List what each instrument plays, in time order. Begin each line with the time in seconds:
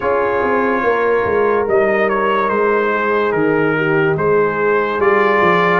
0.00 tuba C#4, trombone F4, horn G#4, trumpet C#5
0.42 tuba C4
0.83 tuba A#3, horn A#4
1.25 tuba G#3
1.67 tuba G3, trombone D#4, trumpet D#5
2.09 trumpet C#5
2.49 tuba G#3, trumpet C5
2.92 horn G#4
3.31 tuba D#3, trumpet A#4
3.77 horn G4
4.16 tuba G#3, horn G#4, trumpet C5
4.98 tuba G3, trombone F4, trumpet D5
5.41 tuba F3